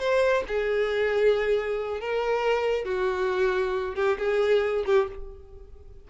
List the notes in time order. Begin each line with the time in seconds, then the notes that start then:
0.00 C5
0.48 G#4
2.01 A#4
2.85 F#4
3.96 G4
4.19 G#4
4.86 G4